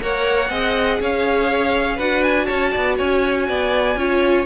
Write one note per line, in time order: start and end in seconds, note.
0.00 0.49 A#3
0.00 0.49 A#4
0.00 0.50 C#5
0.00 1.02 F#5
0.49 0.99 C4
0.49 1.98 G#4
0.49 0.99 D#5
1.00 1.99 C#4
1.00 1.95 C#5
1.00 1.99 F5
1.95 2.48 D4
1.95 3.97 F#4
1.95 2.45 B4
1.95 2.23 F#5
2.23 2.46 G#5
2.46 2.75 C#4
2.46 2.71 C#5
2.46 2.95 A5
2.71 2.99 B3
2.71 2.96 D5
2.97 3.48 C#4
2.97 3.46 C#5
2.97 4.46 G#5
3.48 3.96 B3
3.48 3.98 D5
3.96 4.45 C#4
3.96 4.46 F4
3.96 4.46 C#5